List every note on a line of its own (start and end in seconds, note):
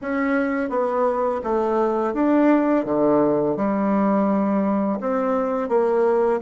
0.01 0.69 C#4
0.69 1.41 B3
1.43 2.13 A3
2.13 2.85 D4
2.85 3.56 D3
3.56 4.99 G3
5.00 5.68 C4
5.68 6.40 A#3